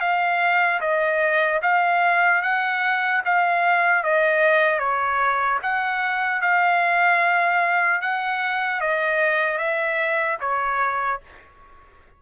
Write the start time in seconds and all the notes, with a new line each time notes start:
0.00 F5
0.81 D#5
1.62 F5
2.42 F#5
3.25 F5
4.04 D#5
4.79 C#5
5.63 F#5
6.41 F5
8.01 F#5
8.81 D#5
9.58 E5
10.41 C#5